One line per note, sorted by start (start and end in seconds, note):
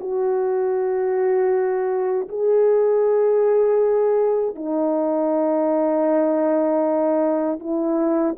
0.00 2.28 F#4
2.28 4.55 G#4
4.55 7.59 D#4
7.59 8.35 E4